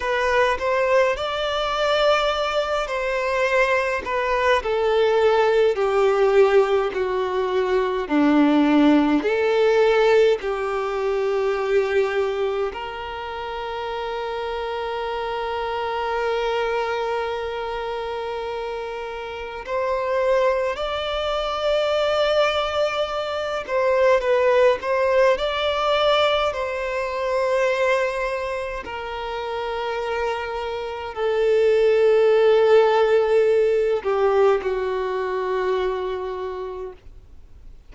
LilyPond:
\new Staff \with { instrumentName = "violin" } { \time 4/4 \tempo 4 = 52 b'8 c''8 d''4. c''4 b'8 | a'4 g'4 fis'4 d'4 | a'4 g'2 ais'4~ | ais'1~ |
ais'4 c''4 d''2~ | d''8 c''8 b'8 c''8 d''4 c''4~ | c''4 ais'2 a'4~ | a'4. g'8 fis'2 | }